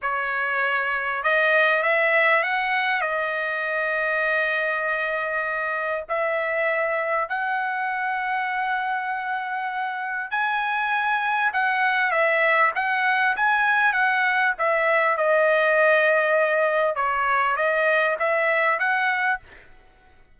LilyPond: \new Staff \with { instrumentName = "trumpet" } { \time 4/4 \tempo 4 = 99 cis''2 dis''4 e''4 | fis''4 dis''2.~ | dis''2 e''2 | fis''1~ |
fis''4 gis''2 fis''4 | e''4 fis''4 gis''4 fis''4 | e''4 dis''2. | cis''4 dis''4 e''4 fis''4 | }